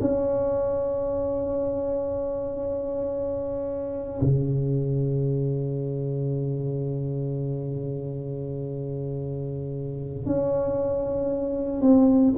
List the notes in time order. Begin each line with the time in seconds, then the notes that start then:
0.00 C#4
4.22 C#3
10.26 C#4
11.81 C4